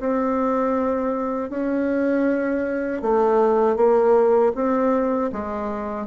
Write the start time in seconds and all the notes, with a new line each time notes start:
0.00 C4
1.50 C#4
3.02 A3
3.77 A#3
4.55 C4
5.32 G#3